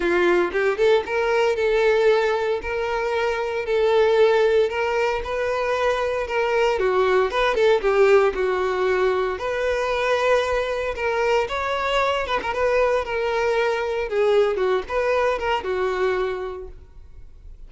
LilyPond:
\new Staff \with { instrumentName = "violin" } { \time 4/4 \tempo 4 = 115 f'4 g'8 a'8 ais'4 a'4~ | a'4 ais'2 a'4~ | a'4 ais'4 b'2 | ais'4 fis'4 b'8 a'8 g'4 |
fis'2 b'2~ | b'4 ais'4 cis''4. b'16 ais'16 | b'4 ais'2 gis'4 | fis'8 b'4 ais'8 fis'2 | }